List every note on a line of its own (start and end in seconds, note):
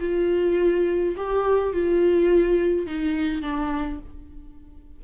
0.00 1.15 F4
1.16 1.73 G4
1.73 2.86 F4
2.86 3.42 D#4
3.42 3.99 D4